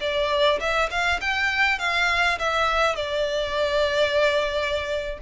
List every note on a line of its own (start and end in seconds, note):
0.00 0.59 D5
0.60 0.89 E5
0.90 1.20 F5
1.21 1.79 G5
1.79 2.38 F5
2.39 2.95 E5
2.95 5.18 D5